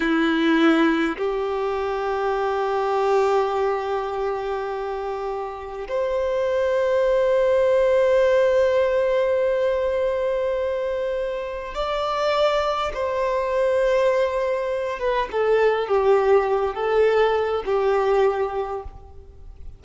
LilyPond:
\new Staff \with { instrumentName = "violin" } { \time 4/4 \tempo 4 = 102 e'2 g'2~ | g'1~ | g'2 c''2~ | c''1~ |
c''1 | d''2 c''2~ | c''4. b'8 a'4 g'4~ | g'8 a'4. g'2 | }